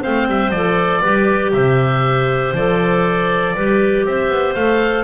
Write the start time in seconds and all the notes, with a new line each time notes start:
0.00 C4 C5 F5
0.06 A3
0.27 G3 E5
0.51 F3 A4 D5
1.01 G3 G4 B4
1.53 C3 C5 E5
2.53 F3 A4 D5
3.55 G3 G4 B4
4.05 C4 C5 E5
4.29 B3
4.54 A3 A4 F5